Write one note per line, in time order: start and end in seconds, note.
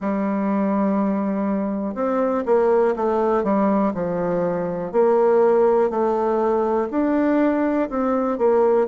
0.00 1.94 G3
1.94 2.44 C4
2.45 2.94 A#3
2.96 3.43 A3
3.43 3.93 G3
3.93 4.92 F3
4.92 5.90 A#3
5.90 6.88 A3
6.90 7.89 D4
7.90 8.37 C4
8.37 8.87 A#3